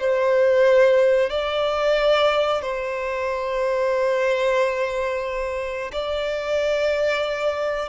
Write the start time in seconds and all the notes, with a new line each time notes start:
0.00 C5
1.30 D5
2.62 C5
5.93 D5